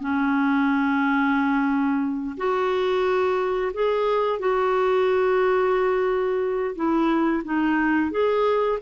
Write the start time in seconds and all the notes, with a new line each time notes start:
0.00 C#4
2.37 F#4
3.73 G#4
4.39 F#4
6.75 E4
7.44 D#4
8.11 G#4